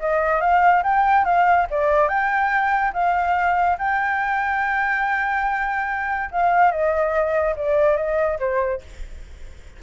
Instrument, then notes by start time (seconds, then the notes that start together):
flute
0.00 D#5
0.41 F5
0.83 G5
1.25 F5
1.71 D5
2.08 G5
2.94 F5
3.79 G5
6.31 F5
6.72 D#5
7.56 D5
7.97 D#5
8.39 C5